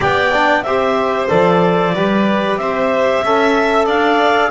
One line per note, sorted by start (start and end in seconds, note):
0.00 0.63 B3
0.00 0.31 G4
0.00 0.63 D5
0.00 0.62 G5
0.33 0.65 D4
0.62 1.28 C4
0.62 1.28 G4
0.62 1.94 C5
0.62 1.27 E5
1.28 1.93 F3
1.28 1.92 A4
1.28 2.57 D5
1.93 2.56 G3
1.93 3.25 G4
1.93 2.59 B4
2.56 3.20 C4
2.56 3.24 C5
2.56 3.86 E5
3.23 3.86 C#4
3.23 4.50 A4
3.23 3.85 E5
3.85 4.50 D4
3.85 4.49 D5
3.85 4.50 F5